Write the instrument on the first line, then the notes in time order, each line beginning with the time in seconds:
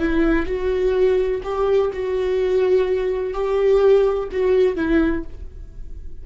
viola
0.00 E4
0.46 F#4
1.43 G4
1.93 F#4
3.34 G4
4.32 F#4
4.76 E4